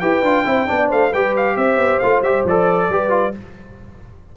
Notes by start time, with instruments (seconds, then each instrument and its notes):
0.00 tuba E4, trombone G4, horn B4, trumpet G5
0.22 tuba D4, trombone F4
0.45 tuba C4, trombone E4, horn C5
0.66 tuba B3, trombone D4, horn D5
0.89 tuba A3, horn C5, trumpet F5
1.11 tuba G3, trombone G4, horn B4, trumpet G5
1.37 trumpet F5
1.57 tuba C4, horn C5, trumpet E5
1.77 tuba B3
1.99 tuba A3, trombone F4, trumpet F5
2.21 tuba G3, trombone G4, trumpet E5
2.44 tuba F3, trombone A4, trumpet D5
2.89 tuba G3, trombone G4, horn B4
3.10 trombone F4